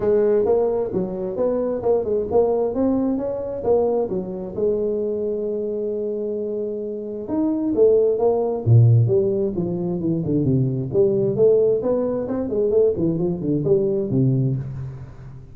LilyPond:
\new Staff \with { instrumentName = "tuba" } { \time 4/4 \tempo 4 = 132 gis4 ais4 fis4 b4 | ais8 gis8 ais4 c'4 cis'4 | ais4 fis4 gis2~ | gis1 |
dis'4 a4 ais4 ais,4 | g4 f4 e8 d8 c4 | g4 a4 b4 c'8 gis8 | a8 e8 f8 d8 g4 c4 | }